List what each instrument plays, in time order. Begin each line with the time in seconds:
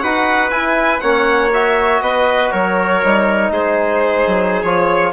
0.00 bassoon D#4, trombone F#4, trumpet B4, violin F#5
0.50 trombone E4, bassoon E4, violin G#5
1.00 bassoon A#3, trombone C#4, trumpet C#5, violin F#5
1.53 trombone F#4, violin E5
2.01 bassoon B3, trumpet B4, violin D#5
2.51 bassoon F#3, trumpet A#4, violin C#5
3.03 bassoon G3, trombone D#4
3.50 bassoon G#3, trumpet G#4, violin C5
4.27 bassoon F#3
4.62 bassoon F3, trombone F4, violin C#5